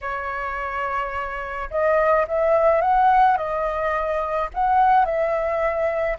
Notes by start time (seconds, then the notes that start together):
0.01 C#5
1.70 D#5
2.27 E5
2.81 F#5
3.37 D#5
4.54 F#5
5.05 E5